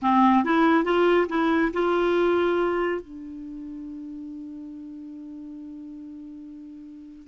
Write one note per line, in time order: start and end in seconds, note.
0.02 0.44 C4
0.44 0.84 E4
0.84 1.27 F4
1.29 1.71 E4
1.73 3.01 F4
3.01 7.27 D4